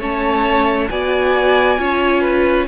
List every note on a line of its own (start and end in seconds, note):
0.00 0.90 A3
0.00 0.89 C#4
0.00 0.90 C#5
0.00 0.90 A5
0.89 1.79 B3
0.89 1.78 F#4
0.89 1.80 D5
0.89 2.68 G#5
1.78 2.68 C#4
1.78 2.68 F4
1.78 2.21 C#5
2.21 2.66 B4